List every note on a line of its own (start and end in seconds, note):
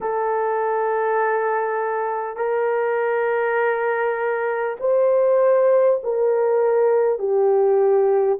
0.01 2.36 A4
2.36 4.76 A#4
4.80 6.00 C5
6.03 7.18 A#4
7.18 8.38 G4